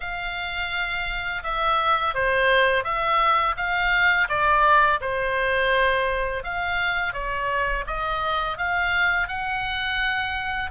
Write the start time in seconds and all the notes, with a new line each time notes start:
0.00 F5
1.43 E5
2.14 C5
2.84 E5
3.56 F5
4.28 D5
5.00 C5
6.43 F5
7.13 C#5
7.86 D#5
8.57 F5
9.28 F#5